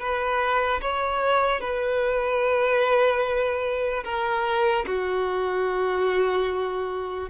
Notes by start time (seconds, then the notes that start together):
0.00 B4
0.81 C#5
1.61 B4
4.05 A#4
4.86 F#4